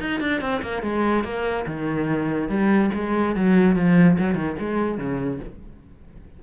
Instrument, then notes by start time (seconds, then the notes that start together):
cello
0.00 D#4
0.20 D4
0.41 C4
0.62 A#3
0.82 G#3
1.24 A#3
1.66 D#3
2.49 G3
2.94 G#3
3.35 F#3
3.76 F3
4.18 F#3
4.35 D#3
4.59 G#3
4.98 C#3